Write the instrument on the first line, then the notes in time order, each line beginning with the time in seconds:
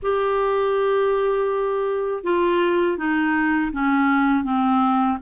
clarinet
0.02 G4
2.23 F4
2.97 D#4
3.72 C#4
4.43 C4